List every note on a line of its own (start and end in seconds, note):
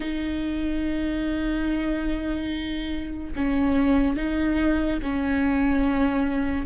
0.00 3.33 D#4
3.35 4.16 C#4
4.16 4.99 D#4
5.02 6.66 C#4